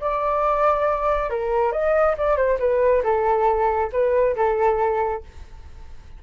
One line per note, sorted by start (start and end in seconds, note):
0.00 1.30 D5
1.30 1.72 A#4
1.72 2.15 D#5
2.17 2.37 D5
2.37 2.58 C5
2.59 3.03 B4
3.03 3.90 A4
3.92 4.36 B4
4.36 5.23 A4